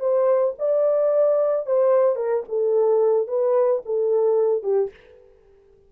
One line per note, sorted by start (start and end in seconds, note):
0.00 0.55 C5
0.59 1.67 D5
1.67 2.16 C5
2.16 2.43 A#4
2.49 3.28 A4
3.28 3.82 B4
3.86 4.63 A4
4.63 4.90 G4